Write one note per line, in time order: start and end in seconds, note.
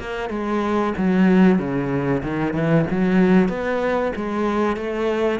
0.00 0.30 A#3
0.30 0.93 G#3
0.97 1.58 F#3
1.58 2.22 C#3
2.23 2.54 D#3
2.54 2.85 E3
2.91 3.49 F#3
3.49 4.13 B3
4.16 4.77 G#3
4.77 5.40 A3